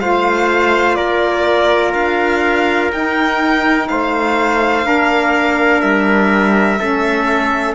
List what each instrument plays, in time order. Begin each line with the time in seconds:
0.00 cello A3, saxophone F4, trumpet C5, violin F5
0.95 cello A#3, trumpet A#4, violin D5
1.94 cello D4, violin F5
2.92 cello D#4, saxophone D#4, violin G5
3.89 cello A3, trumpet C5, violin F5
4.83 cello A#3, saxophone D4, trumpet A#4
5.81 cello G3, violin E5
6.79 cello A3, saxophone C#4, trumpet A4